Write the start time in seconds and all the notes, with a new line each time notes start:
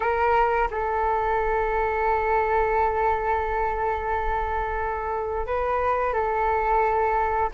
0.00 A#4
0.70 A4
5.46 B4
6.13 A4